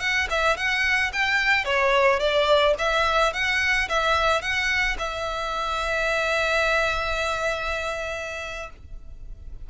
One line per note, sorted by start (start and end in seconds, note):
0.00 0.28 F#5
0.30 0.57 E5
0.57 1.12 F#5
1.13 1.65 G5
1.65 2.19 C#5
2.19 2.74 D5
2.78 3.33 E5
3.33 3.88 F#5
3.89 4.42 E5
4.42 4.97 F#5
4.98 8.70 E5